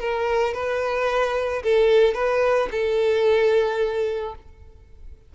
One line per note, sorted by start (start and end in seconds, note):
0.00 0.54 A#4
0.54 1.63 B4
1.63 2.15 A4
2.15 2.70 B4
2.72 4.35 A4